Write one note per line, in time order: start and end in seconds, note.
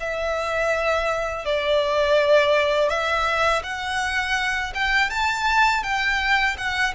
0.00 1.45 E5
1.45 2.89 D5
2.89 3.62 E5
3.63 4.73 F#5
4.74 5.10 G5
5.10 5.83 A5
5.83 6.56 G5
6.58 6.94 F#5